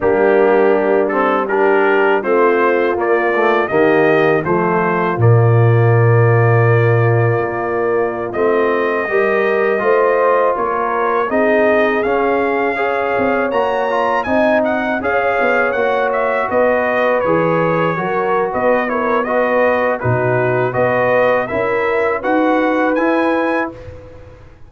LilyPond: <<
  \new Staff \with { instrumentName = "trumpet" } { \time 4/4 \tempo 4 = 81 g'4. a'8 ais'4 c''4 | d''4 dis''4 c''4 d''4~ | d''2.~ d''16 dis''8.~ | dis''2~ dis''16 cis''4 dis''8.~ |
dis''16 f''2 ais''4 gis''8 fis''16~ | fis''16 f''4 fis''8 e''8 dis''4 cis''8.~ | cis''4 dis''8 cis''8 dis''4 b'4 | dis''4 e''4 fis''4 gis''4 | }
  \new Staff \with { instrumentName = "horn" } { \time 4/4 d'2 g'4 f'4~ | f'4 g'4 f'2~ | f'1~ | f'16 ais'4 c''4 ais'4 gis'8.~ |
gis'4~ gis'16 cis''2 dis''8.~ | dis''16 cis''2 b'4.~ b'16~ | b'16 ais'8. b'8 ais'8 b'4 fis'4 | b'4 ais'4 b'2 | }
  \new Staff \with { instrumentName = "trombone" } { \time 4/4 ais4. c'8 d'4 c'4 | ais8 a8 ais4 a4 ais4~ | ais2.~ ais16 c'8.~ | c'16 g'4 f'2 dis'8.~ |
dis'16 cis'4 gis'4 fis'8 f'8 dis'8.~ | dis'16 gis'4 fis'2 gis'8.~ | gis'16 fis'4~ fis'16 e'8 fis'4 dis'4 | fis'4 e'4 fis'4 e'4 | }
  \new Staff \with { instrumentName = "tuba" } { \time 4/4 g2. a4 | ais4 dis4 f4 ais,4~ | ais,2 ais4~ ais16 a8.~ | a16 g4 a4 ais4 c'8.~ |
c'16 cis'4. c'8 ais4 c'8.~ | c'16 cis'8 b8 ais4 b4 e8.~ | e16 fis8. b2 b,4 | b4 cis'4 dis'4 e'4 | }
>>